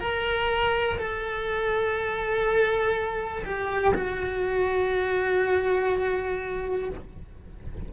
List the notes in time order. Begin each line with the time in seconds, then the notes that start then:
0.00 A#4
0.98 A4
3.45 G4
3.94 F#4